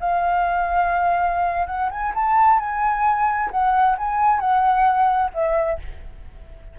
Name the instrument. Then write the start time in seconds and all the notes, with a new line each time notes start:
flute
0.00 F5
1.67 F#5
1.90 G#5
2.14 A5
2.59 G#5
3.51 F#5
3.98 G#5
4.40 F#5
5.34 E5